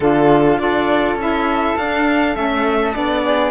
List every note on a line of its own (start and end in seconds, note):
0.00 0.58 D3
0.00 0.59 D4
0.00 0.60 F4
0.00 0.58 A4
0.58 1.15 D4
0.58 1.18 F4
0.58 3.24 A4
0.58 1.17 D5
1.15 1.74 C#4
1.15 1.78 E4
1.21 1.77 E5
1.77 2.36 D4
1.77 2.35 D4
1.77 2.35 F5
2.35 2.95 A3
2.35 2.93 C#4
2.35 2.94 E5
2.93 3.50 B3
2.93 3.50 D4
2.93 3.50 D5
3.24 3.50 G#4